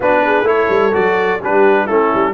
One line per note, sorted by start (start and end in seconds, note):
0.00 0.42 B3
0.00 0.44 D4
0.00 0.21 F#4
0.00 0.47 B4
0.25 0.48 G#4
0.42 0.66 A3
0.42 0.91 E4
0.42 1.41 A4
0.42 0.94 C#5
0.69 0.93 G3
0.92 1.41 F#3
0.92 1.38 F#4
0.92 1.41 D5
1.41 1.88 G3
1.41 1.88 D4
1.41 1.86 G4
1.41 1.86 B4
1.86 2.12 A3
1.86 2.34 C#4
1.86 2.33 E4
1.86 2.33 A4
2.14 2.34 G3